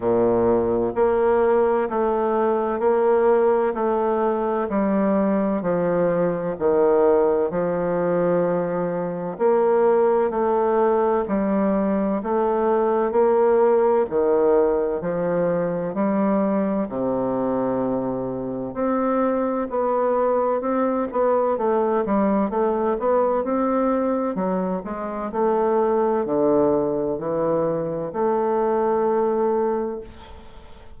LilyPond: \new Staff \with { instrumentName = "bassoon" } { \time 4/4 \tempo 4 = 64 ais,4 ais4 a4 ais4 | a4 g4 f4 dis4 | f2 ais4 a4 | g4 a4 ais4 dis4 |
f4 g4 c2 | c'4 b4 c'8 b8 a8 g8 | a8 b8 c'4 fis8 gis8 a4 | d4 e4 a2 | }